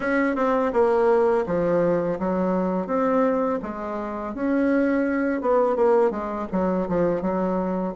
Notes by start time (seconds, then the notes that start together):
0.00 C#4
0.35 C4
0.72 A#3
1.46 F3
2.19 F#3
2.87 C4
3.62 G#3
4.34 C#4
5.41 B3
5.75 A#3
6.11 G#3
6.52 F#3
6.88 F3
7.21 F#3